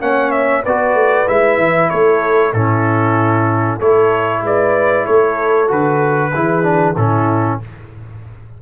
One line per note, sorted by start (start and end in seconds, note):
0.00 0.63 A#3
0.00 0.63 C#4
0.00 0.63 C#5
0.00 0.31 F#5
0.31 0.62 E5
0.63 0.94 B3
0.63 1.27 F#4
0.63 1.89 B4
0.63 1.28 D5
0.94 1.25 A3
1.27 1.57 G#3
1.27 2.53 E4
1.27 1.89 E5
1.57 1.89 E3
1.89 2.53 A3
1.89 2.54 A4
1.89 2.52 C#5
2.53 3.79 A2
2.53 3.80 C#4
2.53 3.79 E4
2.53 3.79 A4
3.79 4.42 A3
3.79 5.67 E4
3.79 4.42 A4
3.79 4.43 C#5
4.42 5.05 G#3
4.42 5.06 B4
4.42 5.06 D5
5.06 5.71 A3
5.06 6.32 A4
5.06 5.69 C#5
5.67 6.34 D3
5.67 6.31 F#4
5.67 6.96 B4
6.34 6.96 E3
6.34 6.62 E4
6.34 6.97 G#4
6.62 6.94 D4
6.96 7.59 A2
6.96 7.61 C#4
6.96 7.60 E4
6.96 7.59 A4